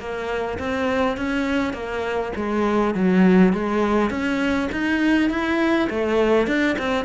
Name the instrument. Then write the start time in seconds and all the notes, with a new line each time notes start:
cello
0.00 A#3
0.59 C4
1.18 C#4
1.74 A#3
2.36 G#3
2.95 F#3
3.53 G#3
4.11 C#4
4.72 D#4
5.30 E4
5.90 A3
6.48 D4
6.79 C4